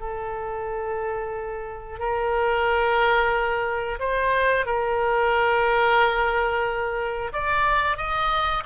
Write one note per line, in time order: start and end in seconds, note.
0.00 1.99 A4
1.99 3.99 A#4
4.00 4.66 C5
4.66 7.32 A#4
7.33 7.97 D5
7.97 8.64 D#5